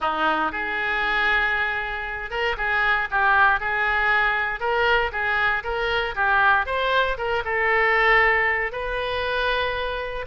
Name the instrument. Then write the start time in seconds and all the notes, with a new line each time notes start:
oboe
0.00 D#4
0.52 G#4
2.30 A#4
2.57 G#4
3.10 G4
3.60 G#4
4.60 A#4
5.11 G#4
5.63 A#4
6.15 G4
6.65 C5
7.17 A#4
7.45 A4
8.72 B4